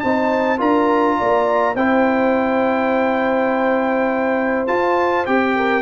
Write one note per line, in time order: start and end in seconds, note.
0.00 0.61 C4
0.00 0.58 D#4
0.00 0.58 C5
0.00 0.58 A5
0.58 1.19 D4
0.58 1.74 F4
0.58 1.17 A#4
0.58 1.76 A#5
1.18 1.75 A#3
1.18 1.75 D5
1.75 4.66 C4
1.75 4.67 E4
1.75 5.54 C5
1.75 4.67 G5
4.67 5.26 F4
4.67 5.27 F4
4.67 5.25 A5
5.26 5.82 C4
5.26 5.82 G4
5.26 5.82 G5
5.56 5.82 A#4